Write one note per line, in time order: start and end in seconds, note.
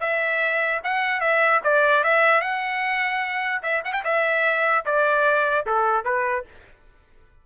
0.00 0.81 E5
0.84 1.20 F#5
1.20 1.60 E5
1.63 2.03 D5
2.03 2.41 E5
2.41 3.61 F#5
3.62 3.82 E5
3.84 3.93 F#5
3.93 4.03 G5
4.04 4.84 E5
4.85 5.66 D5
5.66 6.04 A4
6.04 6.45 B4